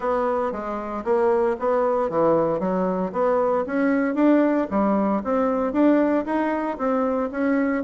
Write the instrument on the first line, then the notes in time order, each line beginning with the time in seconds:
bassoon
0.00 B3
0.51 G#3
1.04 A#3
1.59 B3
2.09 E3
2.59 F#3
3.12 B3
3.66 C#4
4.15 D4
4.70 G3
5.24 C4
5.72 D4
6.25 D#4
6.78 C4
7.31 C#4